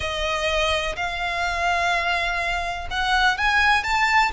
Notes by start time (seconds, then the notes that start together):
0.00 D#5
0.96 F5
2.90 F#5
3.37 G#5
3.83 A5